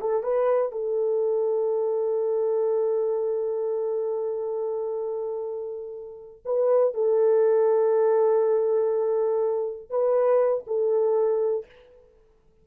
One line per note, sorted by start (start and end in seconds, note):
0.00 0.23 A4
0.23 0.72 B4
0.72 6.42 A4
6.45 6.94 B4
6.94 9.90 A4
9.90 10.64 B4
10.66 11.66 A4